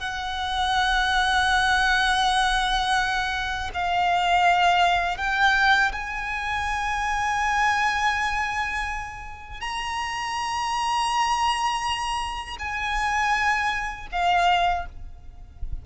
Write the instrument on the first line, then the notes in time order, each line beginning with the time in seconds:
violin
0.00 F#5
3.74 F5
5.18 G5
5.92 G#5
9.61 A#5
12.59 G#5
14.12 F5